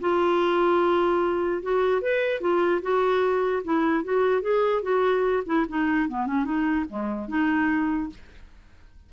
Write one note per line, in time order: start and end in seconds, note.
0.00 1.62 F4
1.62 2.01 F#4
2.01 2.40 B4
2.40 2.81 F4
2.82 3.63 F#4
3.64 4.04 E4
4.04 4.42 F#4
4.42 4.82 G#4
4.82 5.43 F#4
5.45 5.66 E4
5.68 6.08 D#4
6.08 6.26 B3
6.26 6.44 C#4
6.44 6.85 D#4
6.89 7.28 G#3
7.28 8.09 D#4